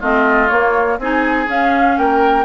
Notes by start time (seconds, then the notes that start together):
0.00 A3 C4 F4 D#5
0.48 A#3 C#5
0.98 C4 D#4 G#4 G#5
1.47 C#4 F5
1.98 A#3 A#4 G5